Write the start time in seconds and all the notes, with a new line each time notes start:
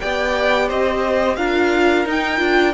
0.00 B3 G4 D5 G5
0.68 C4 C5 D#5
1.36 D4 F4 A#4 F5
2.06 D#4 G5
2.38 D4 F4